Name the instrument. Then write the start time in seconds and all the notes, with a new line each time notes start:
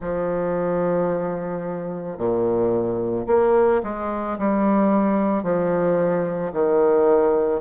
bassoon
0.00 F3
2.17 A#2
3.27 A#3
3.83 G#3
4.38 G3
5.42 F3
6.52 D#3